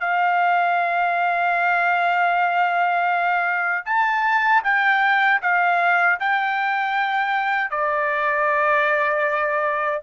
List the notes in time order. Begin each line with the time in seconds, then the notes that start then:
0.00 F5
3.85 A5
4.64 G5
5.42 F5
6.20 G5
7.71 D5